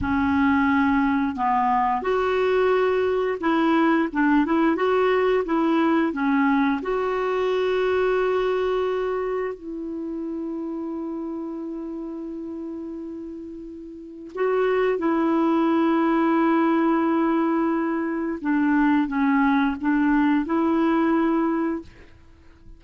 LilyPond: \new Staff \with { instrumentName = "clarinet" } { \time 4/4 \tempo 4 = 88 cis'2 b4 fis'4~ | fis'4 e'4 d'8 e'8 fis'4 | e'4 cis'4 fis'2~ | fis'2 e'2~ |
e'1~ | e'4 fis'4 e'2~ | e'2. d'4 | cis'4 d'4 e'2 | }